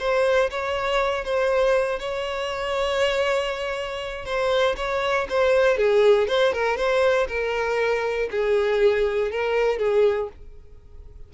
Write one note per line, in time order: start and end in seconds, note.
0.00 0.50 C5
0.51 1.25 C#5
1.25 1.99 C5
1.99 4.25 C#5
4.25 4.76 C5
4.77 5.27 C#5
5.30 5.77 C5
5.77 6.28 G#4
6.28 6.53 C5
6.53 6.77 A#4
6.77 7.28 C5
7.29 8.29 A#4
8.31 9.32 G#4
9.32 9.79 A#4
9.79 10.29 G#4